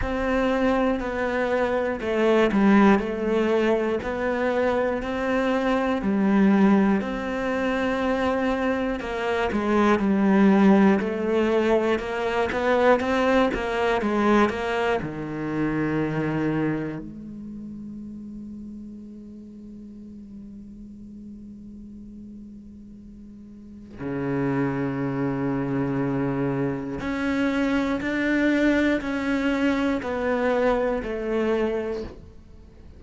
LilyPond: \new Staff \with { instrumentName = "cello" } { \time 4/4 \tempo 4 = 60 c'4 b4 a8 g8 a4 | b4 c'4 g4 c'4~ | c'4 ais8 gis8 g4 a4 | ais8 b8 c'8 ais8 gis8 ais8 dis4~ |
dis4 gis2.~ | gis1 | cis2. cis'4 | d'4 cis'4 b4 a4 | }